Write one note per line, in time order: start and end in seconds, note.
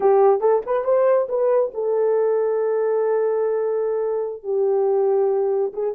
0.00 0.40 G4
0.40 0.62 A4
0.66 0.84 B4
0.84 1.27 C5
1.28 1.71 B4
1.74 4.43 A4
4.43 5.72 G4
5.73 5.95 G#4